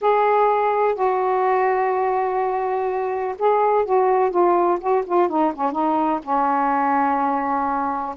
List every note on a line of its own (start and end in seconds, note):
0.01 0.95 G#4
0.95 3.35 F#4
3.38 3.85 G#4
3.85 4.30 F#4
4.30 4.78 F4
4.80 5.04 F#4
5.06 5.28 F4
5.28 5.52 D#4
5.55 5.71 C#4
5.71 6.19 D#4
6.23 8.15 C#4